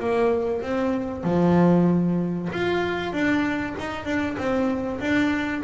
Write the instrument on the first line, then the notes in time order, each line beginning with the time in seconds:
double bass
0.00 A#3
0.62 C4
1.24 F3
2.53 F4
3.13 D4
3.80 D#4
4.06 D4
4.38 C4
5.01 D4